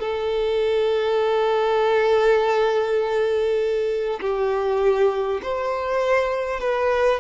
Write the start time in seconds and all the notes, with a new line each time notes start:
0.00 A4
4.21 G4
5.43 C5
6.60 B4